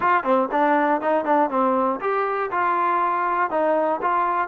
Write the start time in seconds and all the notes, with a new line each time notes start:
0.00 F4
0.23 C4
0.51 D4
1.01 D#4
1.25 D4
1.50 C4
2.00 G4
2.51 F4
3.50 D#4
4.01 F4